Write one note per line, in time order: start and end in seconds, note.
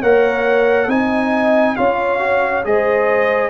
0.00 0.87 A#3
0.00 0.88 A#4
0.00 0.88 C#5
0.00 0.90 F#5
0.87 1.76 C4
0.87 1.77 D#4
0.87 1.77 D#5
0.87 1.76 G#5
1.76 2.66 C#4
1.76 2.19 F4
1.76 2.65 C#5
1.76 2.64 F5
2.19 2.63 F#4
2.64 3.49 G#3
2.64 3.49 G#4
2.64 3.49 C5
2.64 3.49 D#5